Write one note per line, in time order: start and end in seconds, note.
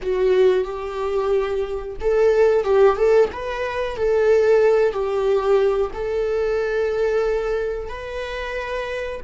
0.02 0.64 F#4
0.64 1.96 G4
2.00 2.64 A4
2.64 2.96 G4
2.96 3.29 A4
3.32 3.96 B4
3.96 4.92 A4
4.92 5.91 G4
5.93 7.89 A4
7.89 9.20 B4